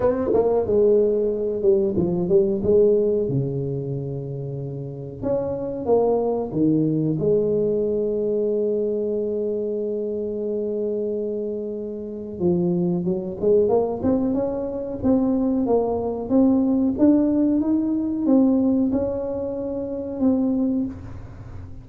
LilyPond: \new Staff \with { instrumentName = "tuba" } { \time 4/4 \tempo 4 = 92 c'8 ais8 gis4. g8 f8 g8 | gis4 cis2. | cis'4 ais4 dis4 gis4~ | gis1~ |
gis2. f4 | fis8 gis8 ais8 c'8 cis'4 c'4 | ais4 c'4 d'4 dis'4 | c'4 cis'2 c'4 | }